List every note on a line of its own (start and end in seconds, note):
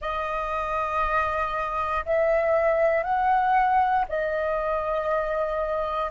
0.01 2.04 D#5
2.05 3.03 E5
3.03 4.04 F#5
4.08 6.11 D#5